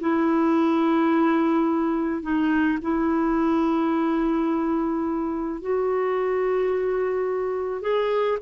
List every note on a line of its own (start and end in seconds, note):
0.00 2.22 E4
2.22 2.78 D#4
2.82 5.61 E4
5.61 7.82 F#4
7.82 8.38 G#4